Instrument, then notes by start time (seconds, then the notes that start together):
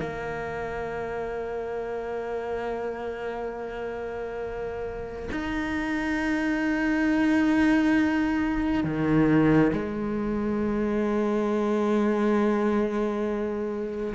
cello
0.00 A#3
5.32 D#4
8.84 D#3
9.73 G#3